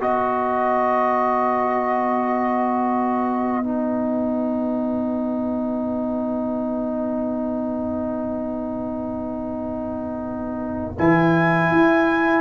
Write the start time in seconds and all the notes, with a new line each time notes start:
0.00 B3 F#4 B4 D#5
3.64 D#4 F#5
10.98 E3 E4 G#5
11.71 E4